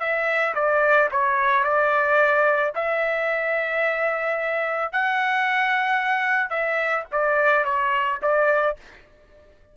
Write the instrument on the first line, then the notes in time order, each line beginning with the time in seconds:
trumpet
0.00 E5
0.55 D5
1.11 C#5
1.64 D5
2.75 E5
4.92 F#5
6.50 E5
7.12 D5
7.65 C#5
8.22 D5